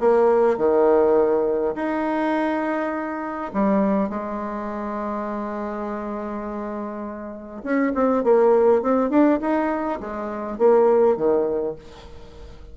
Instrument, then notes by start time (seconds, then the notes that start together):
bassoon
0.00 A#3
0.58 D#3
1.76 D#4
3.54 G3
4.10 G#3
7.63 C#4
7.95 C4
8.24 A#3
8.82 C4
9.10 D4
9.41 D#4
10.01 G#3
10.58 A#3
11.17 D#3